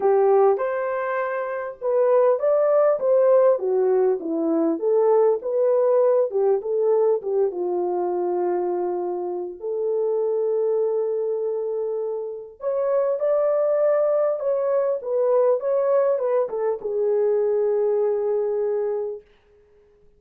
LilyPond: \new Staff \with { instrumentName = "horn" } { \time 4/4 \tempo 4 = 100 g'4 c''2 b'4 | d''4 c''4 fis'4 e'4 | a'4 b'4. g'8 a'4 | g'8 f'2.~ f'8 |
a'1~ | a'4 cis''4 d''2 | cis''4 b'4 cis''4 b'8 a'8 | gis'1 | }